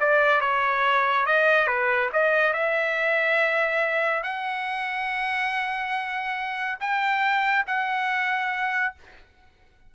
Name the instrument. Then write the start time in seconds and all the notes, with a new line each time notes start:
trumpet
0.00 D5
0.41 C#5
1.26 D#5
1.67 B4
2.12 D#5
2.53 E5
4.23 F#5
6.80 G5
7.67 F#5